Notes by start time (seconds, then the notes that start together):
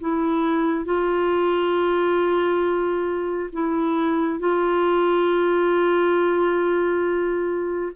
0.00 E4
0.85 F4
3.53 E4
4.39 F4